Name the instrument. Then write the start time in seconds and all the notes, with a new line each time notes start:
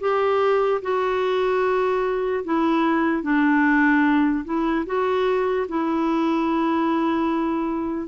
clarinet
0.00 G4
0.82 F#4
2.44 E4
3.23 D4
4.45 E4
4.86 F#4
5.68 E4